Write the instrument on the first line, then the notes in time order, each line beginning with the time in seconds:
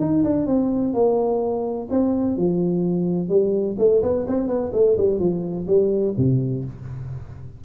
tuba
0.00 D#4
0.24 D4
0.46 C4
0.94 A#3
1.90 C4
2.37 F3
3.29 G3
3.79 A3
4.02 B3
4.28 C4
4.48 B3
4.73 A3
4.97 G3
5.19 F3
5.67 G3
6.17 C3